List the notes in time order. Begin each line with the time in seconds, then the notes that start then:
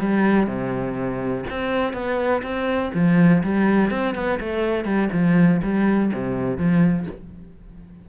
0.00 G3
0.47 C3
1.50 C4
1.94 B3
2.43 C4
2.94 F3
3.44 G3
3.91 C4
4.15 B3
4.40 A3
4.85 G3
5.13 F3
5.63 G3
6.14 C3
6.58 F3